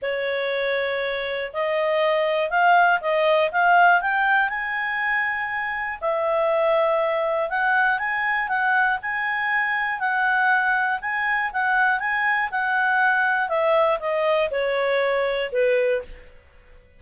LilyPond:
\new Staff \with { instrumentName = "clarinet" } { \time 4/4 \tempo 4 = 120 cis''2. dis''4~ | dis''4 f''4 dis''4 f''4 | g''4 gis''2. | e''2. fis''4 |
gis''4 fis''4 gis''2 | fis''2 gis''4 fis''4 | gis''4 fis''2 e''4 | dis''4 cis''2 b'4 | }